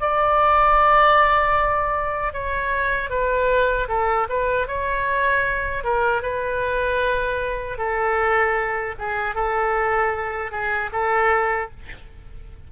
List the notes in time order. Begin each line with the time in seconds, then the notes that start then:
0.00 D5
2.33 C#5
3.09 B4
3.88 A4
4.28 B4
4.67 C#5
5.83 A#4
6.22 B4
7.77 A4
8.98 G#4
9.35 A4
10.51 G#4
10.92 A4